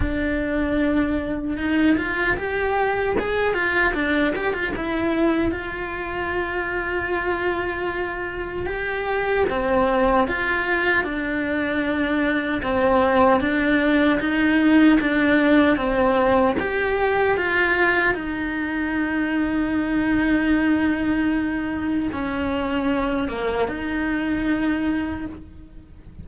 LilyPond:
\new Staff \with { instrumentName = "cello" } { \time 4/4 \tempo 4 = 76 d'2 dis'8 f'8 g'4 | gis'8 f'8 d'8 g'16 f'16 e'4 f'4~ | f'2. g'4 | c'4 f'4 d'2 |
c'4 d'4 dis'4 d'4 | c'4 g'4 f'4 dis'4~ | dis'1 | cis'4. ais8 dis'2 | }